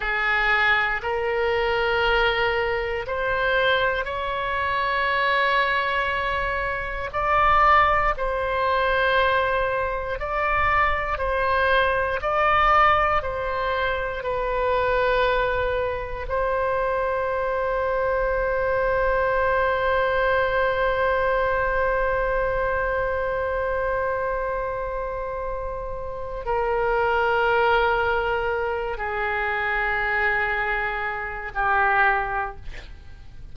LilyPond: \new Staff \with { instrumentName = "oboe" } { \time 4/4 \tempo 4 = 59 gis'4 ais'2 c''4 | cis''2. d''4 | c''2 d''4 c''4 | d''4 c''4 b'2 |
c''1~ | c''1~ | c''2 ais'2~ | ais'8 gis'2~ gis'8 g'4 | }